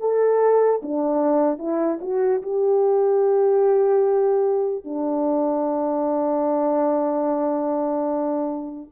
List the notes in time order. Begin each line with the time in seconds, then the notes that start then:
0.00 A4
0.82 D4
1.58 E4
2.01 F#4
2.42 G4
4.84 D4